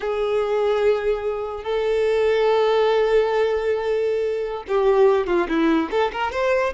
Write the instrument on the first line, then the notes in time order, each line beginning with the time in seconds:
violin
0.00 G#4
1.63 A4
4.68 G4
5.26 F4
5.48 E4
5.90 A4
6.12 A#4
6.31 C5